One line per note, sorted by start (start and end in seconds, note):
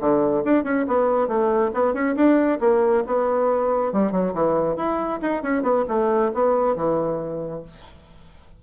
0.00 0.43 D3
0.44 0.64 D4
0.64 0.86 C#4
0.87 1.28 B3
1.28 1.71 A3
1.74 1.94 B3
1.94 2.15 C#4
2.16 2.59 D4
2.60 3.04 A#3
3.07 3.92 B3
3.92 4.12 G3
4.12 4.34 F#3
4.34 4.76 E3
4.76 5.20 E4
5.22 5.43 D#4
5.43 5.63 C#4
5.63 5.85 B3
5.88 6.32 A3
6.34 6.76 B3
6.76 7.63 E3